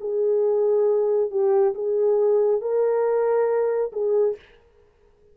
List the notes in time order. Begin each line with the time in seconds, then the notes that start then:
0.00 G#4
1.30 G4
1.74 G#4
2.61 A#4
3.92 G#4